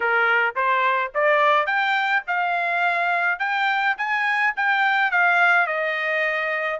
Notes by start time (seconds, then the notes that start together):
0.00 A#4
0.55 C5
1.14 D5
1.66 G5
2.27 F5
3.39 G5
3.97 G#5
4.56 G5
5.11 F5
5.66 D#5